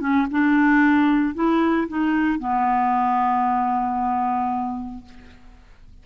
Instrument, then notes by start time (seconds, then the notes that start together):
clarinet
0.00 C#4
0.30 D4
1.34 E4
1.88 D#4
2.39 B3